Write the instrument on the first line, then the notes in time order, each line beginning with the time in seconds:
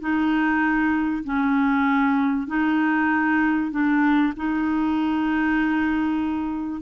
clarinet
0.00 D#4
1.25 C#4
2.48 D#4
3.72 D4
4.37 D#4